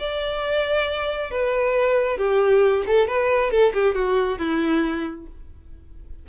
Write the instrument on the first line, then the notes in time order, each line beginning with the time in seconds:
violin
0.00 D5
1.31 B4
2.18 G4
2.87 A4
3.08 B4
3.51 A4
3.74 G4
3.95 F#4
4.39 E4